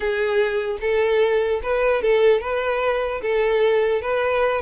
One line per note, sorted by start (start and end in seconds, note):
0.00 0.78 G#4
0.81 1.61 A4
1.63 2.02 B4
2.02 2.40 A4
2.40 3.21 B4
3.21 4.01 A4
4.01 4.61 B4